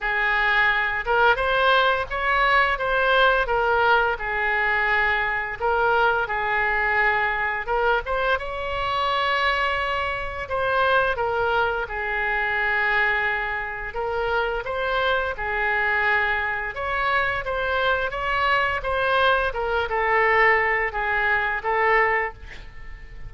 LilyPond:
\new Staff \with { instrumentName = "oboe" } { \time 4/4 \tempo 4 = 86 gis'4. ais'8 c''4 cis''4 | c''4 ais'4 gis'2 | ais'4 gis'2 ais'8 c''8 | cis''2. c''4 |
ais'4 gis'2. | ais'4 c''4 gis'2 | cis''4 c''4 cis''4 c''4 | ais'8 a'4. gis'4 a'4 | }